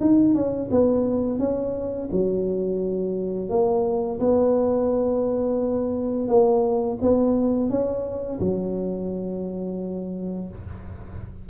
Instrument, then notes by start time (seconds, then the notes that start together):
tuba
0.00 D#4
0.35 C#4
0.71 B3
1.39 C#4
2.12 F#3
3.49 A#3
4.20 B3
6.28 A#3
7.01 B3
7.70 C#4
8.40 F#3